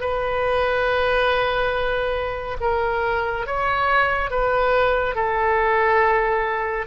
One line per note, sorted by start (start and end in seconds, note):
0.00 2.57 B4
2.60 3.46 A#4
3.46 4.30 C#5
4.30 5.15 B4
5.15 6.86 A4